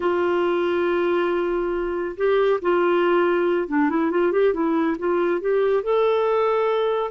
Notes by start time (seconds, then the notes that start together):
0.00 F4
2.16 G4
2.61 F4
3.67 D4
3.89 E4
4.10 F4
4.32 G4
4.53 E4
4.98 F4
5.41 G4
5.83 A4